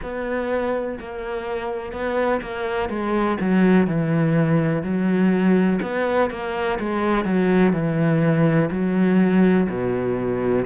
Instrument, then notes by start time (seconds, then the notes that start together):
cello
0.02 B3
0.99 A#3
1.92 B3
2.41 A#3
2.89 G#3
3.40 F#3
3.87 E3
4.83 F#3
5.82 B3
6.30 A#3
6.79 G#3
7.24 F#3
7.72 E3
8.71 F#3
9.69 B2